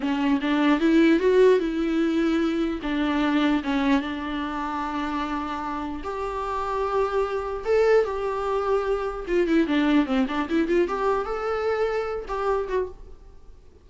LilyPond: \new Staff \with { instrumentName = "viola" } { \time 4/4 \tempo 4 = 149 cis'4 d'4 e'4 fis'4 | e'2. d'4~ | d'4 cis'4 d'2~ | d'2. g'4~ |
g'2. a'4 | g'2. f'8 e'8 | d'4 c'8 d'8 e'8 f'8 g'4 | a'2~ a'8 g'4 fis'8 | }